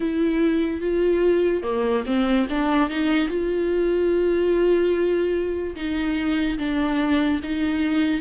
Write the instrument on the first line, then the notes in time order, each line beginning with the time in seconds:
viola
0.00 E4
0.80 F4
1.63 A#3
2.05 C4
2.49 D4
2.89 D#4
3.28 F4
5.75 D#4
6.58 D4
7.43 D#4